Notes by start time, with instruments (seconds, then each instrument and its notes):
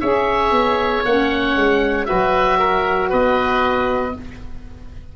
0.00 tuba C#4, saxophone G#4, oboe C#5 E5
0.51 tuba B3
1.04 tuba A#3, saxophone C#4, oboe F#5
1.55 tuba G#3
2.05 tuba F#3, saxophone F#4, oboe B4 E5
2.59 oboe A#4
3.09 tuba B3, oboe B4 D#5